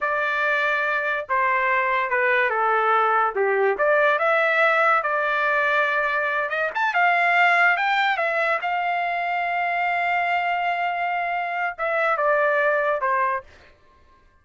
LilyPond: \new Staff \with { instrumentName = "trumpet" } { \time 4/4 \tempo 4 = 143 d''2. c''4~ | c''4 b'4 a'2 | g'4 d''4 e''2 | d''2.~ d''8 dis''8 |
a''8 f''2 g''4 e''8~ | e''8 f''2.~ f''8~ | f''1 | e''4 d''2 c''4 | }